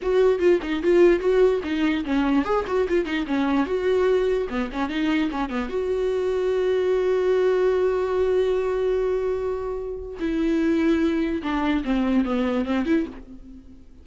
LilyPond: \new Staff \with { instrumentName = "viola" } { \time 4/4 \tempo 4 = 147 fis'4 f'8 dis'8 f'4 fis'4 | dis'4 cis'4 gis'8 fis'8 f'8 dis'8 | cis'4 fis'2 b8 cis'8 | dis'4 cis'8 b8 fis'2~ |
fis'1~ | fis'1~ | fis'4 e'2. | d'4 c'4 b4 c'8 e'8 | }